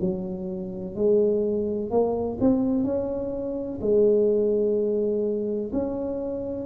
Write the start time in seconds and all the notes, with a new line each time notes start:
0.00 F#3
0.95 G#3
1.90 A#3
2.40 C4
2.84 C#4
3.81 G#3
5.72 C#4